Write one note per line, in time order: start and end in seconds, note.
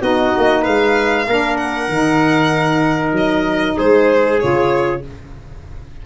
0.00 0.32 B3
0.00 1.25 D#4
0.00 0.61 F#4
0.00 0.63 D#5
0.36 0.66 A#3
0.61 1.27 G#3
0.61 1.24 B4
0.61 1.56 F5
1.27 1.88 A#3
1.27 1.89 D4
1.27 3.76 A#4
1.56 3.13 F#5
1.88 3.12 D#3
1.88 4.39 D#4
3.12 3.74 F#3
3.12 3.77 D#5
3.76 4.42 G#3
3.76 5.01 G#4
3.76 4.39 C5
4.39 5.05 C#3
4.39 5.02 F4
4.39 5.02 C#5